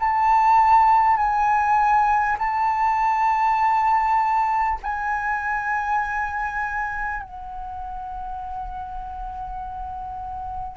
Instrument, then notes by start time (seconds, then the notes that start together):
flute
0.00 A5
1.17 G#5
2.38 A5
4.83 G#5
7.23 F#5